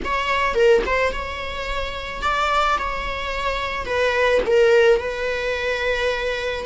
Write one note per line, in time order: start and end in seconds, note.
0.04 0.54 C#5
0.54 0.82 A#4
0.85 1.12 C5
1.12 2.21 C#5
2.21 2.77 D5
2.78 3.85 C#5
3.85 4.41 B4
4.46 4.99 A#4
4.99 6.65 B4